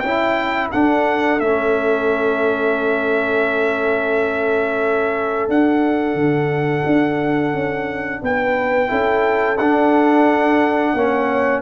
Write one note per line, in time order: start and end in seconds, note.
0.00 0.71 C#4
0.00 0.71 E4
0.00 0.73 E4
0.00 0.68 G5
0.72 1.41 D4
0.72 1.40 D4
0.72 8.22 A4
0.72 1.40 F#5
1.40 5.49 A3
1.40 5.50 C#4
1.40 5.50 E5
5.49 6.15 D4
5.49 8.88 D4
5.49 8.23 F#5
6.15 6.83 D3
6.86 7.54 D4
7.54 8.22 C#4
8.23 8.91 B3
8.23 8.89 B4
8.23 9.58 G5
8.88 9.60 C#4
8.88 9.56 E4
8.88 10.94 A4
9.58 10.95 D4
9.58 10.97 D4
9.58 11.62 F#5
10.95 11.62 A#3
10.95 11.62 C#4
10.95 11.62 C#5